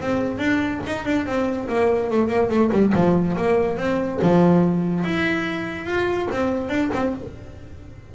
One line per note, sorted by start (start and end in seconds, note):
0.00 0.38 C4
0.38 0.80 D4
0.86 1.05 D#4
1.05 1.26 D4
1.26 1.68 C4
1.68 2.10 A#3
2.10 2.28 A3
2.28 2.49 A#3
2.49 2.70 A3
2.72 2.93 G3
2.94 3.36 F3
3.37 3.77 A#3
3.77 4.19 C4
4.22 5.04 F3
5.04 5.86 E4
5.86 6.28 F4
6.31 6.69 C4
6.69 6.90 D4
6.93 7.14 C4